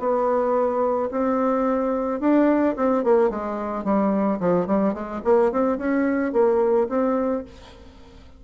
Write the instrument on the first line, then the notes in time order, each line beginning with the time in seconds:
bassoon
0.00 B3
1.12 C4
2.21 D4
2.77 C4
3.05 A#3
3.30 G#3
3.85 G3
4.41 F3
4.67 G3
4.94 G#3
5.25 A#3
5.52 C4
5.78 C#4
6.33 A#3
6.90 C4